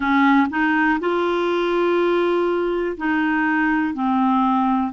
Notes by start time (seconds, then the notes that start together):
0.00 C#4
0.50 D#4
1.00 F4
2.97 D#4
3.93 C4